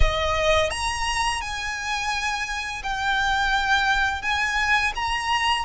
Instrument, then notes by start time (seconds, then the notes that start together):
violin
0.00 D#5
0.70 A#5
1.41 G#5
2.83 G5
4.22 G#5
4.95 A#5